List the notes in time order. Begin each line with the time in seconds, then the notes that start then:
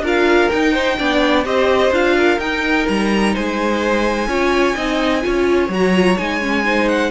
0.00 D4 F4 A#4
0.07 F5
0.50 D#4 G5
0.72 C5
0.98 B3 D4 D5
1.45 C4 G4 C5 D#5
1.91 D4 F4 F5
2.16 A#4
2.39 D#4 G5
2.88 G3 A#5
3.33 G#3 C5 G#5
4.27 C#4 F4 C#5
4.75 C4 D#4 D#5
5.22 C#4 F4 C#5
5.69 F#3 F#4 A#5
5.94 F4
6.18 G#3 D#4 G#5
6.41 C#4
6.65 D#4 C5
6.89 F#5